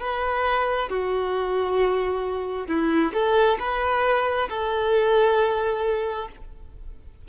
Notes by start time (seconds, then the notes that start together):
0.00 B4
0.90 F#4
2.68 E4
3.13 A4
3.59 B4
4.50 A4